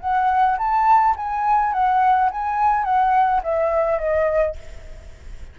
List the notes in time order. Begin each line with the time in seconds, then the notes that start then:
0.00 F#5
0.58 A5
1.17 G#5
1.73 F#5
2.31 G#5
2.84 F#5
3.44 E5
3.99 D#5